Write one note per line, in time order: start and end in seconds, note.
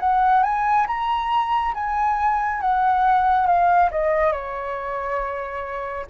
0.00 0.43 F#5
0.43 0.87 G#5
0.87 1.74 A#5
1.74 2.61 G#5
2.61 3.47 F#5
3.47 3.90 F5
3.91 4.32 D#5
4.32 6.06 C#5